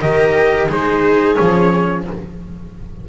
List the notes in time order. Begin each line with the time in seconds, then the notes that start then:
0.00 D#3 G4 A#4 D#5
0.68 G#3 D#4 G#4 C5
1.35 F3 C#4 C#5